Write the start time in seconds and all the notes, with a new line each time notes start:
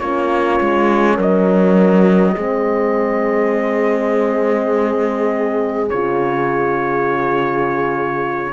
0.00 A#3 C#4 F4 C#5
0.61 G#3
1.16 F#3 A#4 D#5
2.35 G#3 C4 G#4
5.90 C#3 F4 C#5